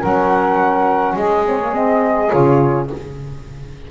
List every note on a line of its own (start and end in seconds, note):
0.00 1.16 F#3
0.00 1.44 C#4
0.00 1.14 A#4
0.00 1.16 F#5
1.16 2.30 G#3
1.16 2.88 G#4
1.16 1.45 D#5
1.45 1.59 C4
1.45 1.74 C#5
1.61 1.73 A#3
1.73 2.30 C4
1.73 2.30 D#5
2.30 2.90 C#3
2.30 2.87 F4
2.30 2.87 C#5